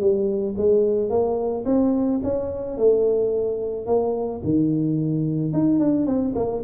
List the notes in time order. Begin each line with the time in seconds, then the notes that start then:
0.00 G3
0.58 G#3
1.10 A#3
1.66 C4
2.23 C#4
2.77 A3
3.86 A#3
4.44 D#3
5.53 D#4
5.79 D4
6.06 C4
6.36 A#3